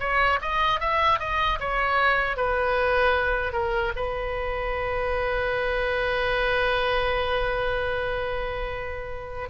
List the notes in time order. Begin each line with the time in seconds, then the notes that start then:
0.00 C#5
0.41 D#5
0.80 E5
1.19 D#5
1.60 C#5
2.36 B4
3.52 A#4
3.96 B4